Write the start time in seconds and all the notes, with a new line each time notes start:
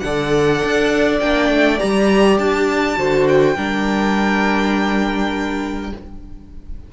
0.00 D3 D5 F#5
0.06 A4
0.64 D4
1.20 A#3 D4 G5
1.50 A3
1.78 G3 G4 A#5
2.39 D4 A5
2.97 D3 F#4 C5
3.29 G5
3.56 G3 D4 A#4